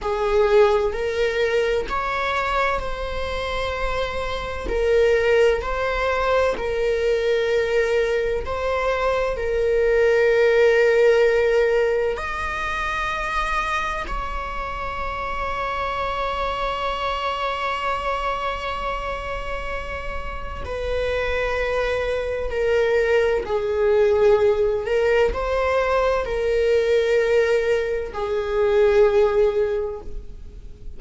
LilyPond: \new Staff \with { instrumentName = "viola" } { \time 4/4 \tempo 4 = 64 gis'4 ais'4 cis''4 c''4~ | c''4 ais'4 c''4 ais'4~ | ais'4 c''4 ais'2~ | ais'4 dis''2 cis''4~ |
cis''1~ | cis''2 b'2 | ais'4 gis'4. ais'8 c''4 | ais'2 gis'2 | }